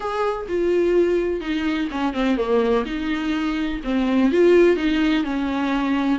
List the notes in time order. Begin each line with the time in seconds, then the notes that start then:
0.00 G#4
0.48 F4
1.40 D#4
1.91 C#4
2.13 C4
2.37 A#3
2.85 D#4
3.84 C4
4.31 F4
4.76 D#4
5.24 C#4